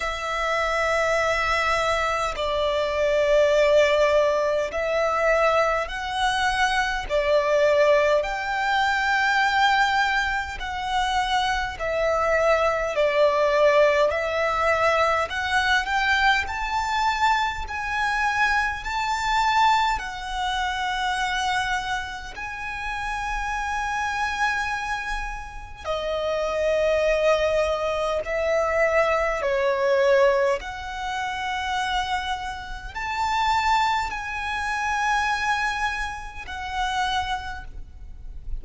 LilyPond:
\new Staff \with { instrumentName = "violin" } { \time 4/4 \tempo 4 = 51 e''2 d''2 | e''4 fis''4 d''4 g''4~ | g''4 fis''4 e''4 d''4 | e''4 fis''8 g''8 a''4 gis''4 |
a''4 fis''2 gis''4~ | gis''2 dis''2 | e''4 cis''4 fis''2 | a''4 gis''2 fis''4 | }